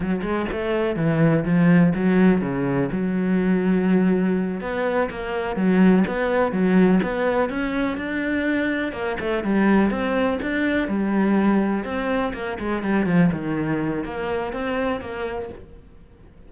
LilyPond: \new Staff \with { instrumentName = "cello" } { \time 4/4 \tempo 4 = 124 fis8 gis8 a4 e4 f4 | fis4 cis4 fis2~ | fis4. b4 ais4 fis8~ | fis8 b4 fis4 b4 cis'8~ |
cis'8 d'2 ais8 a8 g8~ | g8 c'4 d'4 g4.~ | g8 c'4 ais8 gis8 g8 f8 dis8~ | dis4 ais4 c'4 ais4 | }